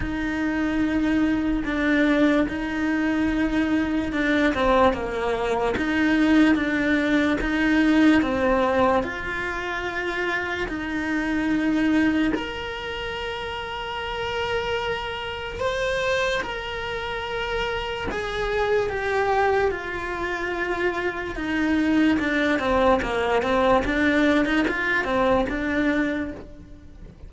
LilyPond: \new Staff \with { instrumentName = "cello" } { \time 4/4 \tempo 4 = 73 dis'2 d'4 dis'4~ | dis'4 d'8 c'8 ais4 dis'4 | d'4 dis'4 c'4 f'4~ | f'4 dis'2 ais'4~ |
ais'2. c''4 | ais'2 gis'4 g'4 | f'2 dis'4 d'8 c'8 | ais8 c'8 d'8. dis'16 f'8 c'8 d'4 | }